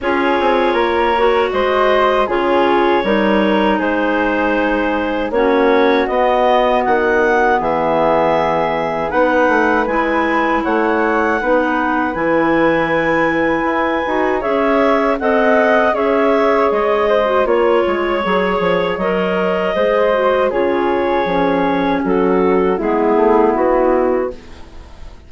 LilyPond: <<
  \new Staff \with { instrumentName = "clarinet" } { \time 4/4 \tempo 4 = 79 cis''2 dis''4 cis''4~ | cis''4 c''2 cis''4 | dis''4 fis''4 e''2 | fis''4 gis''4 fis''2 |
gis''2. e''4 | fis''4 e''4 dis''4 cis''4~ | cis''4 dis''2 cis''4~ | cis''4 a'4 gis'4 fis'4 | }
  \new Staff \with { instrumentName = "flute" } { \time 4/4 gis'4 ais'4 c''4 gis'4 | ais'4 gis'2 fis'4~ | fis'2 gis'2 | b'2 cis''4 b'4~ |
b'2. cis''4 | dis''4 cis''4. c''8 cis''4~ | cis''2 c''4 gis'4~ | gis'4 fis'4 e'2 | }
  \new Staff \with { instrumentName = "clarinet" } { \time 4/4 f'4. fis'4. f'4 | dis'2. cis'4 | b1 | dis'4 e'2 dis'4 |
e'2~ e'8 fis'8 gis'4 | a'4 gis'4.~ gis'16 fis'16 f'4 | gis'4 ais'4 gis'8 fis'8 f'4 | cis'2 b2 | }
  \new Staff \with { instrumentName = "bassoon" } { \time 4/4 cis'8 c'8 ais4 gis4 cis4 | g4 gis2 ais4 | b4 dis4 e2 | b8 a8 gis4 a4 b4 |
e2 e'8 dis'8 cis'4 | c'4 cis'4 gis4 ais8 gis8 | fis8 f8 fis4 gis4 cis4 | f4 fis4 gis8 a8 b4 | }
>>